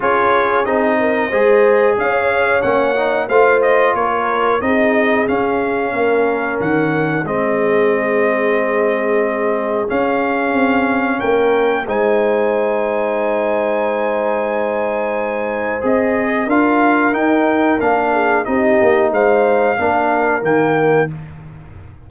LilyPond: <<
  \new Staff \with { instrumentName = "trumpet" } { \time 4/4 \tempo 4 = 91 cis''4 dis''2 f''4 | fis''4 f''8 dis''8 cis''4 dis''4 | f''2 fis''4 dis''4~ | dis''2. f''4~ |
f''4 g''4 gis''2~ | gis''1 | dis''4 f''4 g''4 f''4 | dis''4 f''2 g''4 | }
  \new Staff \with { instrumentName = "horn" } { \time 4/4 gis'4. ais'8 c''4 cis''4~ | cis''4 c''4 ais'4 gis'4~ | gis'4 ais'2 gis'4~ | gis'1~ |
gis'4 ais'4 c''2~ | c''1~ | c''4 ais'2~ ais'8 gis'8 | g'4 c''4 ais'2 | }
  \new Staff \with { instrumentName = "trombone" } { \time 4/4 f'4 dis'4 gis'2 | cis'8 dis'8 f'2 dis'4 | cis'2. c'4~ | c'2. cis'4~ |
cis'2 dis'2~ | dis'1 | gis'4 f'4 dis'4 d'4 | dis'2 d'4 ais4 | }
  \new Staff \with { instrumentName = "tuba" } { \time 4/4 cis'4 c'4 gis4 cis'4 | ais4 a4 ais4 c'4 | cis'4 ais4 dis4 gis4~ | gis2. cis'4 |
c'4 ais4 gis2~ | gis1 | c'4 d'4 dis'4 ais4 | c'8 ais8 gis4 ais4 dis4 | }
>>